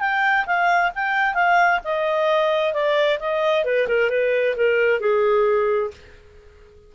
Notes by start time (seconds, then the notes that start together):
0.00 G5
0.46 F5
0.95 G5
1.34 F5
1.84 D#5
2.73 D5
3.19 D#5
3.64 B4
3.88 A#4
4.10 B4
4.56 A#4
5.00 G#4